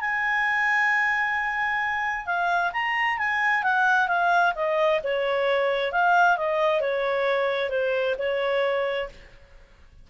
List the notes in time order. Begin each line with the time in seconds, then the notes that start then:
0.00 G#5
2.26 F5
2.73 A#5
3.18 G#5
3.63 F#5
4.08 F5
4.55 D#5
5.03 C#5
5.92 F5
6.37 D#5
6.80 C#5
7.69 C5
8.18 C#5